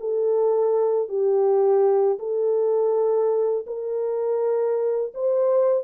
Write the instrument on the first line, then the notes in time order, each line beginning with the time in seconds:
horn
0.00 A4
1.09 G4
2.20 A4
3.67 A#4
5.14 C5